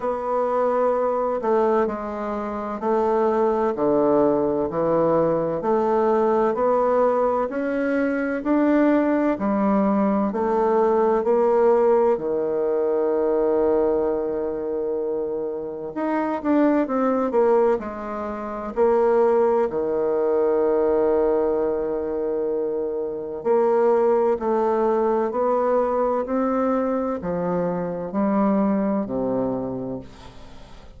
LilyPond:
\new Staff \with { instrumentName = "bassoon" } { \time 4/4 \tempo 4 = 64 b4. a8 gis4 a4 | d4 e4 a4 b4 | cis'4 d'4 g4 a4 | ais4 dis2.~ |
dis4 dis'8 d'8 c'8 ais8 gis4 | ais4 dis2.~ | dis4 ais4 a4 b4 | c'4 f4 g4 c4 | }